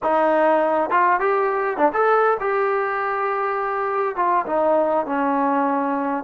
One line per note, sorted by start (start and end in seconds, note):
0.02 0.90 D#4
0.90 1.19 F4
1.20 1.77 G4
1.77 1.91 D4
1.93 2.37 A4
2.40 4.16 G4
4.16 4.45 F4
4.46 5.05 D#4
5.05 6.24 C#4